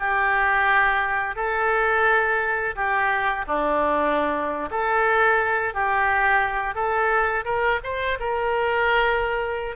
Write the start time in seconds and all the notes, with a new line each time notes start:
0.00 G4
1.36 A4
2.76 G4
3.48 D4
4.71 A4
5.75 G4
6.75 A4
7.45 A#4
7.84 C5
8.20 A#4